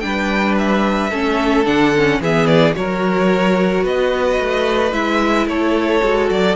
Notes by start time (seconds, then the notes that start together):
0.00 G3 D4 B4 G5
0.58 E5
1.10 A3 C#4 A4
1.65 D3 D4 F#5
1.96 C#4
2.20 E3 B3 G#4 E5
2.47 D5
2.73 F#3 F#4 A#4 C#5
3.84 B3 B4 D#5
4.40 A3
4.92 G#3 E4 E5
5.47 A3 A4 C#5
6.03 G#3 F#4
6.30 F#3 D5